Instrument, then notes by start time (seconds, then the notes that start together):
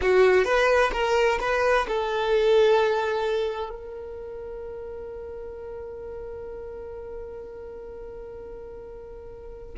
violin
0.01 F#4
0.44 B4
0.92 A#4
1.40 B4
1.88 A4
3.69 A#4